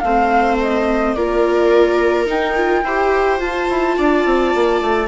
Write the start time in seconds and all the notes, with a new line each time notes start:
0.00 A3 C5 F5
0.06 C4
0.61 D#5
1.14 A#3 F4 A#4 D5
2.27 D#4 G5
2.56 F4
2.84 E4 G4 C5
3.39 F4 A5
3.70 E4
3.98 D4 D5
4.26 C4
4.55 A#3
4.81 A3